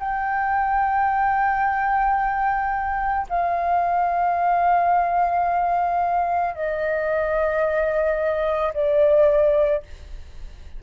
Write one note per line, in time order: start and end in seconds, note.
0.00 3.27 G5
3.30 6.55 F5
6.55 8.73 D#5
8.74 9.83 D5